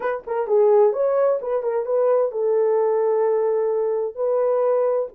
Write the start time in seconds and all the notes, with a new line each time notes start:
0.00 B4
0.26 A#4
0.47 G#4
0.93 C#5
1.41 B4
1.63 A#4
1.85 B4
2.31 A4
4.15 B4